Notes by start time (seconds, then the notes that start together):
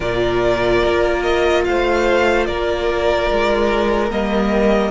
0.00 A#2 F4 A#4 D5
0.84 A#3
1.22 D#5
1.64 A3 C5 F5
2.45 A#3 A#4 D5
3.31 G#3
4.09 G3 A#3 D#5